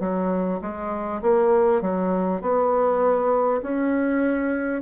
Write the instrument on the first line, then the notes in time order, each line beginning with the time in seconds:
bassoon
0.00 F#3
0.62 G#3
1.22 A#3
1.82 F#3
2.42 B3
3.62 C#4